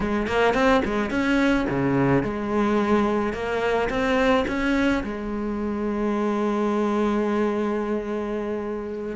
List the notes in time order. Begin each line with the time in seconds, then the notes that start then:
0.00 G#3
0.27 A#3
0.54 C4
0.84 G#3
1.10 C#4
1.69 C#3
2.23 G#3
3.33 A#3
3.89 C4
4.47 C#4
5.03 G#3